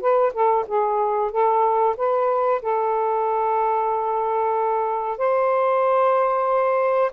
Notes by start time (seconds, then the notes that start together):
0.00 B4
0.33 A4
0.67 G#4
1.31 A4
1.96 B4
2.61 A4
5.17 C5